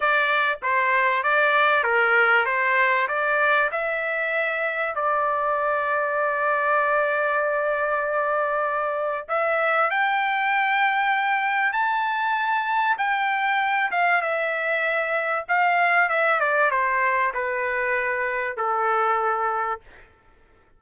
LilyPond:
\new Staff \with { instrumentName = "trumpet" } { \time 4/4 \tempo 4 = 97 d''4 c''4 d''4 ais'4 | c''4 d''4 e''2 | d''1~ | d''2. e''4 |
g''2. a''4~ | a''4 g''4. f''8 e''4~ | e''4 f''4 e''8 d''8 c''4 | b'2 a'2 | }